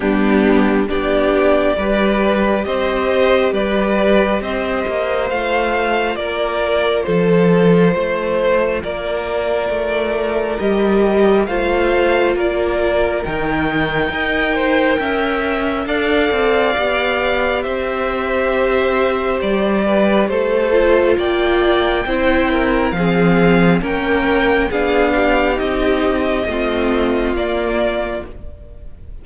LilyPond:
<<
  \new Staff \with { instrumentName = "violin" } { \time 4/4 \tempo 4 = 68 g'4 d''2 dis''4 | d''4 dis''4 f''4 d''4 | c''2 d''2 | dis''4 f''4 d''4 g''4~ |
g''2 f''2 | e''2 d''4 c''4 | g''2 f''4 g''4 | f''4 dis''2 d''4 | }
  \new Staff \with { instrumentName = "violin" } { \time 4/4 d'4 g'4 b'4 c''4 | b'4 c''2 ais'4 | a'4 c''4 ais'2~ | ais'4 c''4 ais'2 |
dis''8 c''8 e''4 d''2 | c''2~ c''8 b'8 a'4 | d''4 c''8 ais'8 gis'4 ais'4 | gis'8 g'4. f'2 | }
  \new Staff \with { instrumentName = "viola" } { \time 4/4 b4 d'4 g'2~ | g'2 f'2~ | f'1 | g'4 f'2 dis'4 |
ais'2 a'4 g'4~ | g'2.~ g'8 f'8~ | f'4 e'4 c'4 cis'4 | d'4 dis'4 c'4 ais4 | }
  \new Staff \with { instrumentName = "cello" } { \time 4/4 g4 b4 g4 c'4 | g4 c'8 ais8 a4 ais4 | f4 a4 ais4 a4 | g4 a4 ais4 dis4 |
dis'4 cis'4 d'8 c'8 b4 | c'2 g4 a4 | ais4 c'4 f4 ais4 | b4 c'4 a4 ais4 | }
>>